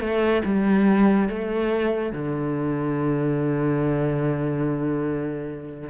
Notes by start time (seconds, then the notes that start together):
0.00 A3
0.45 G3
1.29 A3
2.12 D3